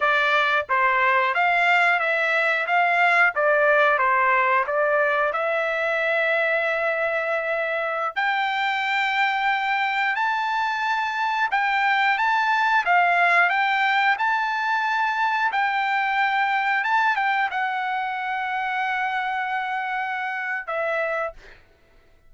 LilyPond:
\new Staff \with { instrumentName = "trumpet" } { \time 4/4 \tempo 4 = 90 d''4 c''4 f''4 e''4 | f''4 d''4 c''4 d''4 | e''1~ | e''16 g''2. a''8.~ |
a''4~ a''16 g''4 a''4 f''8.~ | f''16 g''4 a''2 g''8.~ | g''4~ g''16 a''8 g''8 fis''4.~ fis''16~ | fis''2. e''4 | }